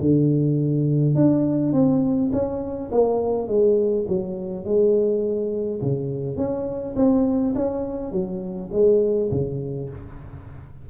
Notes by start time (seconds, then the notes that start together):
0.00 D3
1.15 D4
1.73 C4
2.32 C#4
2.91 A#3
3.48 G#3
4.08 F#3
4.64 G#3
5.81 C#3
6.37 C#4
6.96 C4
7.55 C#4
8.12 F#3
8.72 G#3
9.31 C#3